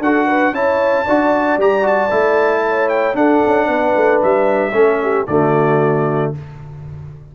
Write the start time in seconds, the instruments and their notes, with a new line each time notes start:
0.00 tuba D4, trombone F#4, horn A4, trumpet F#5
0.27 horn B4
0.52 tuba C#4, trombone E4, horn C#5, trumpet A5
1.06 tuba D4, trombone F#4, horn D5
1.58 tuba G3, trombone G4, trumpet A#5
1.83 trombone F#4, trumpet A5
2.11 tuba A3, trombone E4
2.69 horn C#5
2.89 trumpet G5
3.15 trombone D4, tuba D4, horn A4, trumpet F#5
3.46 tuba C#4
3.68 tuba B3, horn B4
3.96 tuba A3
4.23 tuba G3, trumpet E5
4.73 tuba A3, trombone C#4, horn A4
5.03 horn G4
5.27 tuba D3, trombone A3, horn F#4, trumpet D5